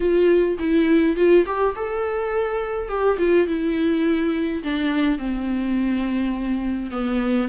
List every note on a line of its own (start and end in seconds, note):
0.00 0.58 F4
0.58 1.16 E4
1.16 1.45 F4
1.46 1.75 G4
1.75 2.88 A4
2.88 3.17 G4
3.18 3.47 F4
3.47 4.62 E4
4.63 5.18 D4
5.18 6.91 C4
6.91 7.48 B3